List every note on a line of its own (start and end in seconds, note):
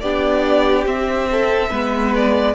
0.00 0.85 B3
0.00 0.85 D4
0.00 1.28 G4
0.00 0.85 D5
0.85 1.70 C4
0.85 2.13 E5
1.31 1.69 A4
1.69 2.55 G#3
1.69 2.55 B3
1.69 2.54 B4
2.15 2.55 D5